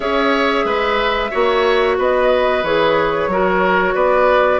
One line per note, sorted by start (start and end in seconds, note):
0.00 0.64 C#4
0.00 1.30 G#4
0.00 0.65 C#5
0.00 1.97 E5
0.64 1.30 G#3
0.64 1.30 B4
1.30 1.98 A#3
1.30 2.63 F#4
1.30 1.96 C#5
1.98 2.63 B3
1.98 3.30 B4
1.98 2.63 D#5
2.63 3.27 E3
2.63 3.30 G#4
2.63 3.95 C#5
3.27 3.93 F#3
3.27 4.59 F#4
3.27 3.94 A#4
3.94 4.59 B3
3.94 4.59 B4
3.94 4.59 D5